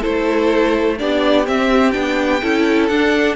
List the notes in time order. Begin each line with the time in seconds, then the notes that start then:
0.00 A3 E4 A4 C5
0.98 B3 D4 G4 D5
1.45 C4 E5
1.91 B3 D4 G5
2.42 C#4 E4 A4
2.88 D4 F#5